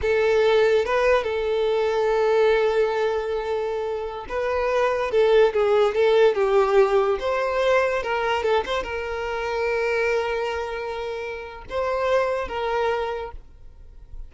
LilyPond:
\new Staff \with { instrumentName = "violin" } { \time 4/4 \tempo 4 = 144 a'2 b'4 a'4~ | a'1~ | a'2~ a'16 b'4.~ b'16~ | b'16 a'4 gis'4 a'4 g'8.~ |
g'4~ g'16 c''2 ais'8.~ | ais'16 a'8 c''8 ais'2~ ais'8.~ | ais'1 | c''2 ais'2 | }